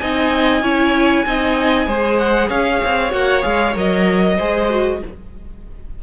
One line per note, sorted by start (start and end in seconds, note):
0.00 0.62 C4
0.00 0.63 D#4
0.00 0.63 D#5
0.00 2.18 G#5
0.62 1.25 C#4
0.62 1.25 E4
0.62 1.25 C#5
1.26 1.87 C4
1.26 1.88 D#4
1.26 1.88 D#5
1.87 2.49 G#3
1.87 3.11 G#4
1.87 2.49 C5
2.18 2.49 F#5
2.49 2.81 C#4
2.49 4.36 C#5
2.49 3.12 F5
2.85 3.13 C4
3.11 3.44 A#3
3.11 3.42 F#4
3.11 3.43 F#5
3.42 3.76 G#3
3.42 3.73 G#4
3.42 3.74 F5
3.76 4.39 F#3
3.76 4.38 A#4
3.76 5.03 D#5
4.36 5.03 G#3
4.36 4.70 G#4
4.36 4.99 C5
4.70 5.01 F#4